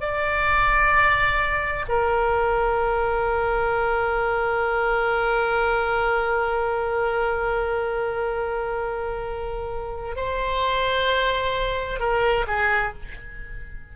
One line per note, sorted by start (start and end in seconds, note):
0.00 1.85 D5
1.88 10.16 A#4
10.16 11.99 C5
11.99 12.45 A#4
12.47 12.93 G#4